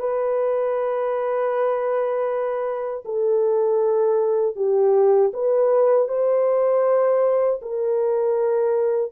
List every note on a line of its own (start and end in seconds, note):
0.00 3.04 B4
3.05 4.56 A4
4.56 5.32 G4
5.33 6.08 B4
6.08 7.60 C5
7.62 9.12 A#4